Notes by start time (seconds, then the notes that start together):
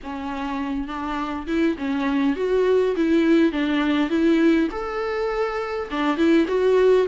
0.03 C#4
0.87 D4
1.47 E4
1.78 C#4
2.36 F#4
2.96 E4
3.52 D4
4.09 E4
4.71 A4
5.91 D4
6.17 E4
6.47 F#4